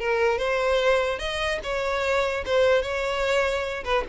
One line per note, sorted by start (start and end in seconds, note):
0.00 0.38 A#4
0.38 1.19 C5
1.19 1.59 D#5
1.63 2.45 C#5
2.46 2.82 C5
2.82 3.84 C#5
3.84 4.04 B4